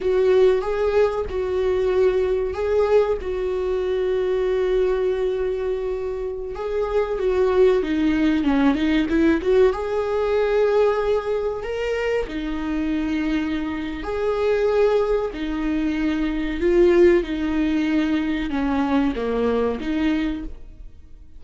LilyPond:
\new Staff \with { instrumentName = "viola" } { \time 4/4 \tempo 4 = 94 fis'4 gis'4 fis'2 | gis'4 fis'2.~ | fis'2~ fis'16 gis'4 fis'8.~ | fis'16 dis'4 cis'8 dis'8 e'8 fis'8 gis'8.~ |
gis'2~ gis'16 ais'4 dis'8.~ | dis'2 gis'2 | dis'2 f'4 dis'4~ | dis'4 cis'4 ais4 dis'4 | }